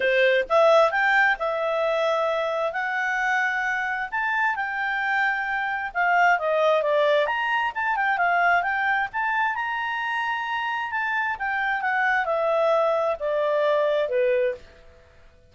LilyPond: \new Staff \with { instrumentName = "clarinet" } { \time 4/4 \tempo 4 = 132 c''4 e''4 g''4 e''4~ | e''2 fis''2~ | fis''4 a''4 g''2~ | g''4 f''4 dis''4 d''4 |
ais''4 a''8 g''8 f''4 g''4 | a''4 ais''2. | a''4 g''4 fis''4 e''4~ | e''4 d''2 b'4 | }